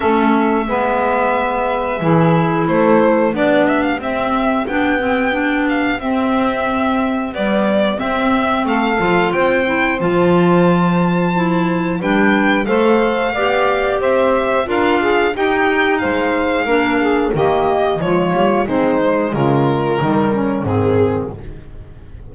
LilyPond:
<<
  \new Staff \with { instrumentName = "violin" } { \time 4/4 \tempo 4 = 90 e''1 | c''4 d''8 e''16 f''16 e''4 g''4~ | g''8 f''8 e''2 d''4 | e''4 f''4 g''4 a''4~ |
a''2 g''4 f''4~ | f''4 e''4 f''4 g''4 | f''2 dis''4 cis''4 | c''4 ais'2 gis'4 | }
  \new Staff \with { instrumentName = "saxophone" } { \time 4/4 a'4 b'2 gis'4 | a'4 g'2.~ | g'1~ | g'4 a'4 c''2~ |
c''2 b'4 c''4 | d''4 c''4 ais'8 gis'8 g'4 | c''4 ais'8 gis'8 g'4 f'4 | dis'4 f'4 dis'8 cis'8 c'4 | }
  \new Staff \with { instrumentName = "clarinet" } { \time 4/4 cis'4 b2 e'4~ | e'4 d'4 c'4 d'8 c'8 | d'4 c'2 g4 | c'4. f'4 e'8 f'4~ |
f'4 e'4 d'4 a'4 | g'2 f'4 dis'4~ | dis'4 d'4 ais4 gis8 ais8 | c'8 gis4. g4 dis4 | }
  \new Staff \with { instrumentName = "double bass" } { \time 4/4 a4 gis2 e4 | a4 b4 c'4 b4~ | b4 c'2 b4 | c'4 a8 f8 c'4 f4~ |
f2 g4 a4 | b4 c'4 d'4 dis'4 | gis4 ais4 dis4 f8 g8 | gis4 cis4 dis4 gis,4 | }
>>